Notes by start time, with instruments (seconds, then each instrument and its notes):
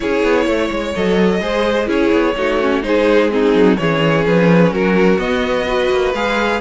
0.00 cello C#4, viola E4, violin G#4 C#5
0.22 cello B3
0.45 cello A3, violin C#5
0.71 cello G#3
0.94 cello F#3, viola A4, violin D#5
1.40 cello G#3, viola G#4, violin C5
1.86 cello C#4, viola E4, violin G#4 C#5
2.12 cello B3
2.36 cello A3, viola D#4, violin F#4
2.61 viola C#4
2.82 cello G#3, viola D#4, violin G#4 C5
3.29 viola C4, violin D#4 G#4
3.53 cello F#3
3.77 cello E3, viola C#4, violin G#4 C#5
4.26 cello F3, violin B4
4.71 cello F#3, violin F#4 A#4
5.18 viola B3, cello B3, violin D#5
5.66 viola F#4, violin B4
5.90 cello A#3
6.13 cello G#3, viola G#4, violin F5